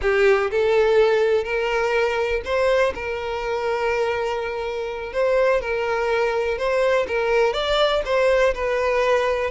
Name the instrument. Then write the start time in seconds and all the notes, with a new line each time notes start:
violin
0.01 G4
0.50 A4
1.43 A#4
2.44 C5
2.94 A#4
5.12 C5
5.61 A#4
6.57 C5
7.07 A#4
7.53 D5
8.05 C5
8.54 B4